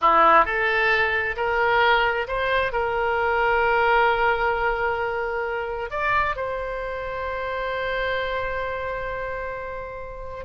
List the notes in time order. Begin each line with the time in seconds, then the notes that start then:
0.01 E4
0.45 A4
1.36 A#4
2.27 C5
2.72 A#4
5.90 D5
6.36 C5